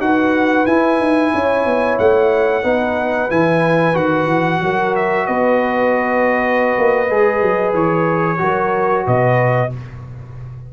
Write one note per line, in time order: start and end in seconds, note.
0.00 0.66 D#4
0.00 0.67 F#4
0.00 1.33 B4
0.00 0.66 F#5
0.66 0.99 E4
0.66 2.63 E4
0.66 1.98 G#5
0.99 1.32 D#4
1.33 1.65 C#4
1.33 2.63 C#5
1.65 1.98 B3
1.99 2.64 A3
1.99 3.30 F#5
2.63 3.30 B3
2.63 3.29 D#4
2.63 4.61 B4
3.30 3.95 E3
3.30 3.94 E4
3.30 3.96 G#5
3.94 4.27 D#3
3.94 7.07 F#4
3.94 4.95 F#5
4.27 4.59 E3
4.62 5.28 F#3
4.62 5.27 A#4
4.95 5.26 E5
5.26 6.76 B3
5.26 8.40 B4
5.26 7.74 D#5
6.78 7.10 A#3
7.10 7.42 G#3
7.10 8.38 G#4
7.42 7.73 F#3
7.73 8.39 E3
7.73 9.07 C#5
8.38 9.07 F#3
8.38 9.70 F#4
8.38 9.06 A#4
9.06 9.73 B2
9.06 9.72 B4
9.06 9.73 D#5